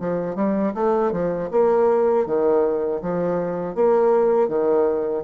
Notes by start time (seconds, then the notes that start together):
0.00 F3
0.36 G3
0.75 A3
1.12 F3
1.51 A#3
2.26 D#3
3.02 F3
3.75 A#3
4.49 D#3